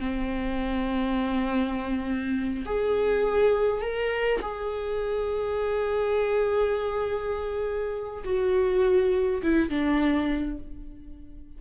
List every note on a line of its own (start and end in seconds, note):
0.00 2.65 C4
2.66 3.82 G#4
3.82 4.41 A#4
4.42 8.24 G#4
8.25 9.43 F#4
9.43 9.70 E4
9.70 10.58 D4